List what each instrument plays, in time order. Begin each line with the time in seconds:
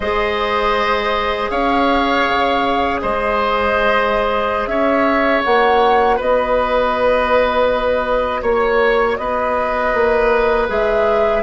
0.00 bassoon G#3, clarinet G#4, oboe C5, flute D#5
1.50 bassoon C#4, oboe C#5, flute F5
2.27 bassoon C#3
3.01 bassoon G#3, oboe C5, flute D#5
4.66 bassoon C#4, oboe C#5, flute E5
5.43 bassoon A#3, clarinet F#4, flute F#5
6.16 bassoon B3, oboe B4, flute D#5
8.41 bassoon A#3, oboe C#5, flute C#5
9.17 bassoon B3, oboe B4, flute D#5
9.94 bassoon A#3
10.68 bassoon G#3, clarinet G#4, flute E5